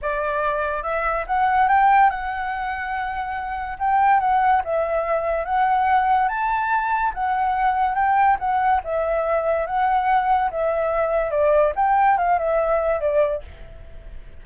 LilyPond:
\new Staff \with { instrumentName = "flute" } { \time 4/4 \tempo 4 = 143 d''2 e''4 fis''4 | g''4 fis''2.~ | fis''4 g''4 fis''4 e''4~ | e''4 fis''2 a''4~ |
a''4 fis''2 g''4 | fis''4 e''2 fis''4~ | fis''4 e''2 d''4 | g''4 f''8 e''4. d''4 | }